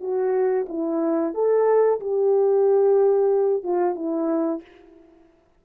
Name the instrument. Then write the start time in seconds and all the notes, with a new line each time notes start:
horn
0.00 F#4
0.68 E4
1.34 A4
2.00 G4
3.63 F4
3.95 E4